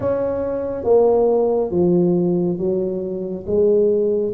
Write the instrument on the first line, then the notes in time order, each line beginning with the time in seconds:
tuba
0.00 C#4
0.83 A#3
1.70 F3
2.58 F#3
3.46 G#3